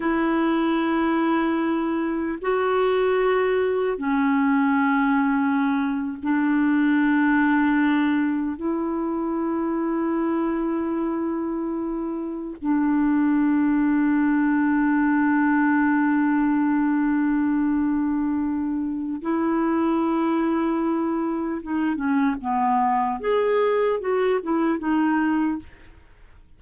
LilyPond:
\new Staff \with { instrumentName = "clarinet" } { \time 4/4 \tempo 4 = 75 e'2. fis'4~ | fis'4 cis'2~ cis'8. d'16~ | d'2~ d'8. e'4~ e'16~ | e'2.~ e'8. d'16~ |
d'1~ | d'1 | e'2. dis'8 cis'8 | b4 gis'4 fis'8 e'8 dis'4 | }